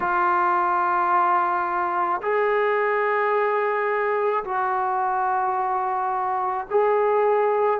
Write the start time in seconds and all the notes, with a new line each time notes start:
0.00 F4
2.22 G#4
4.44 F#4
6.70 G#4